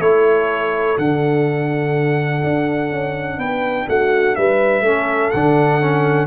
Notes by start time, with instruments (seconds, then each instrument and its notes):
0.00 tuba A3, trombone E4, horn A4, trumpet C#5
0.98 tuba D3, trombone D4, trumpet F#5
2.43 tuba D4
2.92 tuba C#4
3.38 tuba B3, horn B4, trumpet G5
3.88 tuba A3, horn F#4, trumpet F#5
4.36 tuba G3, horn B4, trumpet E5
4.81 tuba A3, trombone C#4, horn A4
5.31 tuba D3, trombone D4, trumpet F#5
5.81 trombone C#4